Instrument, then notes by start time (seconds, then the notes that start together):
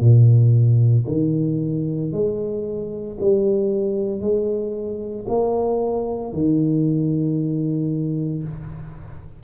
tuba
0.00 A#2
1.07 D#3
2.12 G#3
3.20 G3
4.20 G#3
5.28 A#3
6.33 D#3